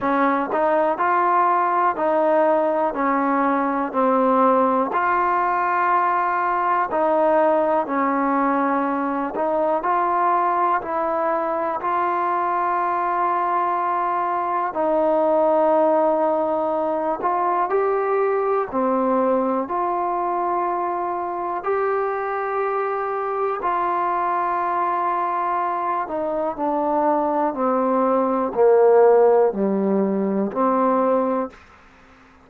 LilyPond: \new Staff \with { instrumentName = "trombone" } { \time 4/4 \tempo 4 = 61 cis'8 dis'8 f'4 dis'4 cis'4 | c'4 f'2 dis'4 | cis'4. dis'8 f'4 e'4 | f'2. dis'4~ |
dis'4. f'8 g'4 c'4 | f'2 g'2 | f'2~ f'8 dis'8 d'4 | c'4 ais4 g4 c'4 | }